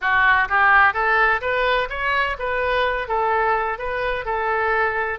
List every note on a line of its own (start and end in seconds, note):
0.01 0.48 F#4
0.48 0.93 G4
0.93 1.40 A4
1.41 1.88 B4
1.89 2.36 C#5
2.39 3.08 B4
3.08 3.78 A4
3.78 4.25 B4
4.25 5.19 A4